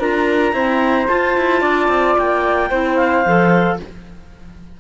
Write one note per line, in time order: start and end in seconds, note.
0.00 0.53 D4
0.00 0.54 F4
0.00 0.54 A#4
0.00 1.09 A#5
0.53 1.08 C4
0.53 1.07 E4
0.53 1.61 C5
1.08 2.70 F4
1.08 1.37 F4
1.08 2.17 A5
1.37 1.61 E4
1.61 1.88 D4
1.61 2.69 D5
1.88 2.15 C4
2.18 2.71 A#3
2.18 2.96 G5
2.70 3.25 C4
2.70 3.25 E4
2.70 3.78 C5
2.96 3.77 F5
3.25 3.80 F3
3.25 3.80 A4